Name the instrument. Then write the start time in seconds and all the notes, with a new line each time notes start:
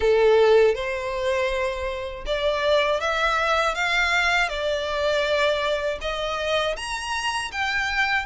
violin
0.00 A4
0.74 C5
2.26 D5
3.00 E5
3.74 F5
4.49 D5
6.01 D#5
6.76 A#5
7.51 G5